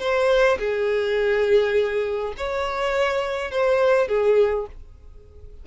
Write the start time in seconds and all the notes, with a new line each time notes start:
0.00 C5
0.59 G#4
2.38 C#5
3.51 C5
4.09 G#4